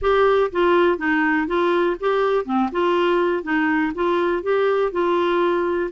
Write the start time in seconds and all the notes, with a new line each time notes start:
0.01 G4
0.51 F4
0.98 D#4
1.47 F4
2.00 G4
2.45 C4
2.72 F4
3.43 D#4
3.95 F4
4.43 G4
4.92 F4